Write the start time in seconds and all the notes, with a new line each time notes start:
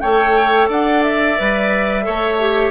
0.00 A3 A4 C#5 G5
0.68 D4 D5 F#5
1.03 E5
1.38 G3 B4
2.03 A3 A4 C#5
2.39 G4